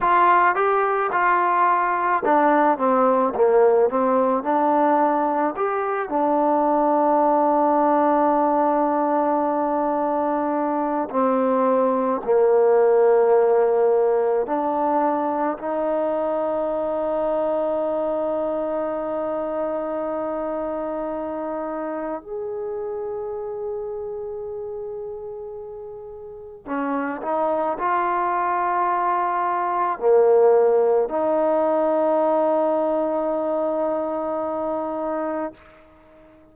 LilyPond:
\new Staff \with { instrumentName = "trombone" } { \time 4/4 \tempo 4 = 54 f'8 g'8 f'4 d'8 c'8 ais8 c'8 | d'4 g'8 d'2~ d'8~ | d'2 c'4 ais4~ | ais4 d'4 dis'2~ |
dis'1 | gis'1 | cis'8 dis'8 f'2 ais4 | dis'1 | }